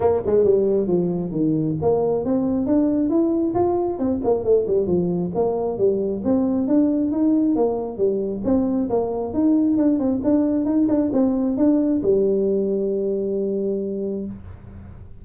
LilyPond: \new Staff \with { instrumentName = "tuba" } { \time 4/4 \tempo 4 = 135 ais8 gis8 g4 f4 dis4 | ais4 c'4 d'4 e'4 | f'4 c'8 ais8 a8 g8 f4 | ais4 g4 c'4 d'4 |
dis'4 ais4 g4 c'4 | ais4 dis'4 d'8 c'8 d'4 | dis'8 d'8 c'4 d'4 g4~ | g1 | }